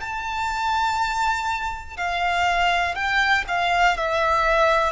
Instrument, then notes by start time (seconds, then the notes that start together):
violin
0.00 A5
1.97 F5
2.95 G5
3.47 F5
3.97 E5